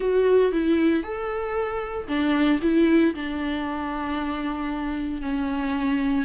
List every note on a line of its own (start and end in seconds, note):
0.00 0.51 F#4
0.51 1.03 E4
1.03 2.07 A4
2.08 2.60 D4
2.62 3.14 E4
3.14 5.21 D4
5.21 6.25 C#4